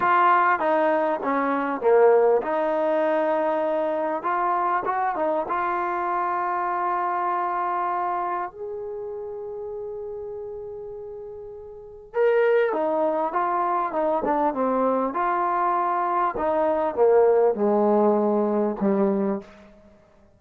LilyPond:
\new Staff \with { instrumentName = "trombone" } { \time 4/4 \tempo 4 = 99 f'4 dis'4 cis'4 ais4 | dis'2. f'4 | fis'8 dis'8 f'2.~ | f'2 gis'2~ |
gis'1 | ais'4 dis'4 f'4 dis'8 d'8 | c'4 f'2 dis'4 | ais4 gis2 g4 | }